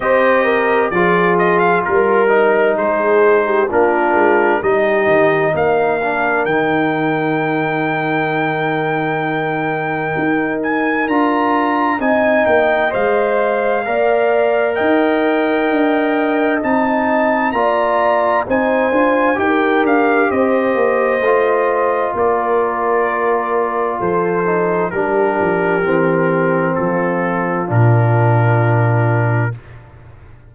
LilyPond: <<
  \new Staff \with { instrumentName = "trumpet" } { \time 4/4 \tempo 4 = 65 dis''4 d''8 dis''16 f''16 ais'4 c''4 | ais'4 dis''4 f''4 g''4~ | g''2.~ g''8 gis''8 | ais''4 gis''8 g''8 f''2 |
g''2 a''4 ais''4 | gis''4 g''8 f''8 dis''2 | d''2 c''4 ais'4~ | ais'4 a'4 ais'2 | }
  \new Staff \with { instrumentName = "horn" } { \time 4/4 c''8 ais'8 gis'4 ais'4 gis'8. g'16 | f'4 g'4 ais'2~ | ais'1~ | ais'4 dis''2 d''4 |
dis''2. d''4 | c''4 ais'4 c''2 | ais'2 a'4 g'4~ | g'4 f'2. | }
  \new Staff \with { instrumentName = "trombone" } { \time 4/4 g'4 f'4. dis'4. | d'4 dis'4. d'8 dis'4~ | dis'1 | f'4 dis'4 c''4 ais'4~ |
ais'2 dis'4 f'4 | dis'8 f'8 g'2 f'4~ | f'2~ f'8 dis'8 d'4 | c'2 d'2 | }
  \new Staff \with { instrumentName = "tuba" } { \time 4/4 c'4 f4 g4 gis4 | ais8 gis8 g8 dis8 ais4 dis4~ | dis2. dis'4 | d'4 c'8 ais8 gis4 ais4 |
dis'4 d'4 c'4 ais4 | c'8 d'8 dis'8 d'8 c'8 ais8 a4 | ais2 f4 g8 f8 | e4 f4 ais,2 | }
>>